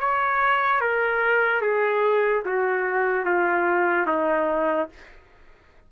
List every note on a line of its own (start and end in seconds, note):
0.00 0.80 C#5
0.80 1.61 A#4
1.61 2.43 G#4
2.45 3.25 F#4
3.25 4.06 F4
4.06 4.89 D#4